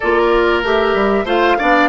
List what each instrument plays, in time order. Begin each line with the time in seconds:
0.00 bassoon A#3, clarinet F4, oboe A#4, flute D5
0.63 bassoon A3, clarinet G4, flute E5
0.94 bassoon G3
1.24 bassoon A3, clarinet F4, oboe C5, flute F5
1.58 bassoon B3, clarinet D4, oboe D5